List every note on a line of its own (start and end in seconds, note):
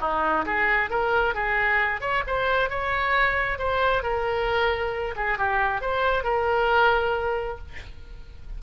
0.00 0.45 D#4
0.45 0.90 G#4
0.90 1.34 A#4
1.34 2.00 G#4
2.00 2.23 C#5
2.27 2.69 C5
2.69 3.58 C#5
3.58 4.03 C5
4.03 5.15 A#4
5.16 5.38 G#4
5.38 5.81 G4
5.81 6.23 C5
6.23 7.58 A#4